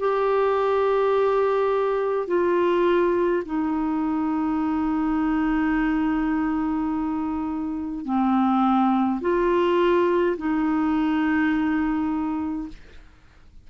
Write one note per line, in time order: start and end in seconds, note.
0.00 2.28 G4
2.28 3.44 F4
3.46 8.06 D#4
8.06 9.21 C4
9.22 10.37 F4
10.38 12.69 D#4